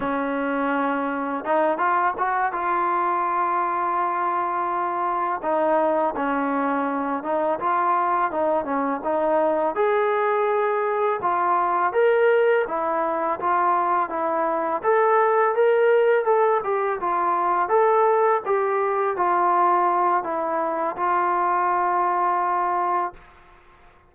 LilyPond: \new Staff \with { instrumentName = "trombone" } { \time 4/4 \tempo 4 = 83 cis'2 dis'8 f'8 fis'8 f'8~ | f'2.~ f'8 dis'8~ | dis'8 cis'4. dis'8 f'4 dis'8 | cis'8 dis'4 gis'2 f'8~ |
f'8 ais'4 e'4 f'4 e'8~ | e'8 a'4 ais'4 a'8 g'8 f'8~ | f'8 a'4 g'4 f'4. | e'4 f'2. | }